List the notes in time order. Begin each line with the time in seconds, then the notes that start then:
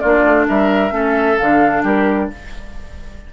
0.00 A#3 D4 F4 D5
0.24 A3
0.49 G3 A#4 E5
0.91 A3 C#4 A4
1.38 D3 D4 F5
1.84 G3 G4 A#4